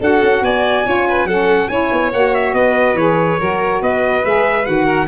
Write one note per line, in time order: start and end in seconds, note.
0.00 0.21 D4
0.00 0.85 F#4
0.00 0.43 A4
0.00 0.44 F#5
0.23 0.41 C#4
0.41 0.84 B3
0.41 0.86 D5
0.41 1.26 G#5
0.85 1.24 C#4
0.85 1.27 F4
0.85 1.07 C#5
1.08 1.28 B4
1.24 1.66 F#3
1.24 1.70 C#4
1.24 1.70 A4
1.24 1.68 F#5
1.68 1.90 C#4
1.68 2.12 E4
1.68 2.55 C#5
1.68 2.10 G#5
1.92 2.13 B3
2.13 2.53 A#3
2.13 2.97 F#4
2.13 2.34 F#5
2.34 2.54 E5
2.53 2.94 B3
2.53 3.39 B4
2.53 2.96 D#5
2.94 3.36 E3
2.94 3.39 G#4
2.94 3.81 C#5
3.39 3.81 F#3
3.39 4.24 F#4
3.39 3.81 A#4
3.81 4.23 B3
3.81 4.85 B4
3.81 4.25 D#5
4.24 4.67 G#3
4.24 4.63 G#4
4.24 4.65 E5
4.63 5.08 D#3
4.63 5.06 F#4
4.63 5.07 F#5
4.85 5.06 A#4